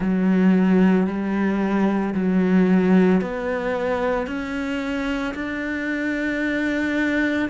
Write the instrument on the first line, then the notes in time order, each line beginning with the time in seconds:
cello
0.00 F#3
1.07 G3
2.14 F#3
3.21 B3
4.26 C#4
5.34 D4